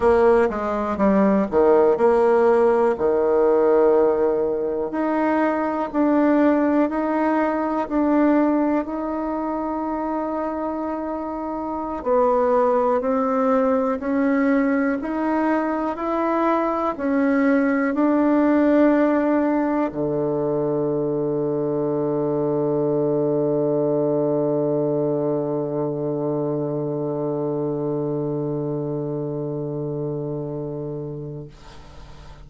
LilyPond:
\new Staff \with { instrumentName = "bassoon" } { \time 4/4 \tempo 4 = 61 ais8 gis8 g8 dis8 ais4 dis4~ | dis4 dis'4 d'4 dis'4 | d'4 dis'2.~ | dis'16 b4 c'4 cis'4 dis'8.~ |
dis'16 e'4 cis'4 d'4.~ d'16~ | d'16 d2.~ d8.~ | d1~ | d1 | }